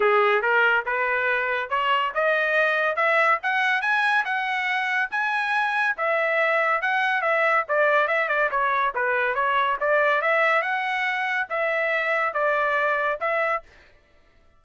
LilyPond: \new Staff \with { instrumentName = "trumpet" } { \time 4/4 \tempo 4 = 141 gis'4 ais'4 b'2 | cis''4 dis''2 e''4 | fis''4 gis''4 fis''2 | gis''2 e''2 |
fis''4 e''4 d''4 e''8 d''8 | cis''4 b'4 cis''4 d''4 | e''4 fis''2 e''4~ | e''4 d''2 e''4 | }